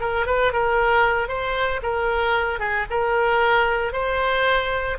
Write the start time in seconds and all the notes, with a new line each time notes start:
0.00 A#4
0.26 B4
0.52 A#4
1.28 C5
1.82 A#4
2.59 G#4
2.90 A#4
3.92 C5